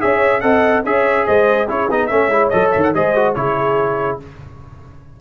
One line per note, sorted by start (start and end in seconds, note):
0.00 0.43 C#4
0.00 0.42 G#4
0.00 0.42 C#5
0.00 0.41 E5
0.41 0.85 C4
0.41 0.84 A4
0.41 0.84 D#5
0.41 0.83 F#5
0.85 1.26 C#4
0.85 1.68 G#4
0.85 1.26 C#5
0.85 1.26 E5
1.26 1.70 G#3
1.26 1.67 C5
1.26 1.68 D#5
1.67 1.90 C#4
1.67 1.89 E4
1.67 2.09 G#4
1.67 1.91 C#5
1.90 2.11 B3
1.90 2.10 D#4
1.90 2.07 D#5
2.07 2.28 A3
2.07 2.31 C#4
2.07 2.96 C#5
2.07 2.49 E5
2.28 2.49 G#3
2.28 2.51 E4
2.50 2.74 F#3
2.50 2.94 A4
2.50 2.71 D#5
2.71 2.94 D#3
2.71 2.82 E5
2.83 2.94 F#5
2.94 3.36 G#3
2.94 3.16 G#4
2.94 3.37 C5
2.94 3.35 D#5
3.16 3.36 F#4
3.35 4.20 C#3
3.35 4.20 E4
3.35 4.21 G#4
3.35 4.19 C#5